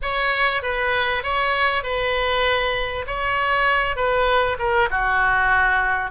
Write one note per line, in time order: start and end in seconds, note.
0.02 0.62 C#5
0.62 1.23 B4
1.23 1.83 C#5
1.83 3.05 B4
3.06 3.95 C#5
3.95 4.57 B4
4.58 4.89 A#4
4.90 6.11 F#4